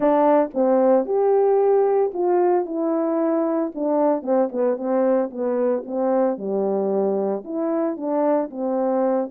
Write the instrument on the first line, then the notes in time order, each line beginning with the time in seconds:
horn
0.00 D4
0.53 C4
1.05 G4
2.13 F4
2.65 E4
3.74 D4
4.22 C4
4.52 B3
4.76 C4
5.30 B3
5.85 C4
6.37 G3
7.44 E4
7.96 D4
8.50 C4